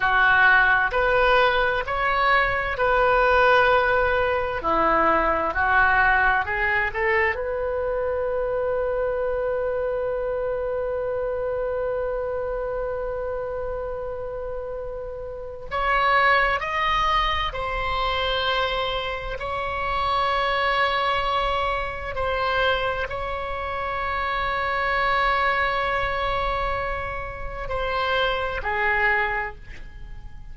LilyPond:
\new Staff \with { instrumentName = "oboe" } { \time 4/4 \tempo 4 = 65 fis'4 b'4 cis''4 b'4~ | b'4 e'4 fis'4 gis'8 a'8 | b'1~ | b'1~ |
b'4 cis''4 dis''4 c''4~ | c''4 cis''2. | c''4 cis''2.~ | cis''2 c''4 gis'4 | }